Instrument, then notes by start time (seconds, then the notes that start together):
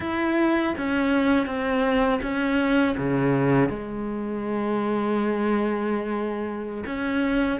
cello
0.00 E4
0.77 C#4
1.46 C4
2.22 C#4
2.97 C#3
3.69 G#3
6.86 C#4